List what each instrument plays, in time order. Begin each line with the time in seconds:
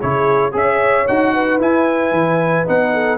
0.00 tuba C#3, trombone E4, horn G#4, trumpet C#5
0.52 tuba C#4, trombone G#4, horn C#5, trumpet E5
1.07 tuba D#4, trombone F#4, trumpet F#5
1.33 horn B4
1.58 tuba E4, trombone E4, trumpet G#5
2.11 tuba E3
2.66 tuba B3, trombone D#4, trumpet F#5
2.92 horn A4